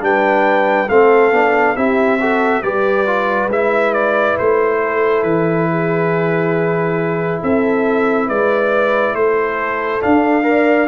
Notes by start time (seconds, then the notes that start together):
0.00 G3 D4 B4 G5
0.89 A3 C4 A4 F5
1.32 B3 D4
1.76 C4 E4 G4 E5
2.19 F#4 A4
2.62 G3 G4 B4 D5
3.07 F4
3.47 G#3 E4 E5
3.93 D5
4.38 A3 C5
4.84 A4
5.23 E3 B4
5.70 G#4
7.41 C4 A4 E5
8.27 G#3 B4 D5
9.14 A3 A4 C5
10.01 D4 F5
10.43 A#4 D5